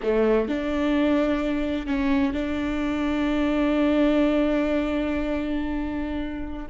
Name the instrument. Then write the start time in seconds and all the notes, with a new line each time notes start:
viola
0.02 A3
0.48 D4
1.86 C#4
2.33 D4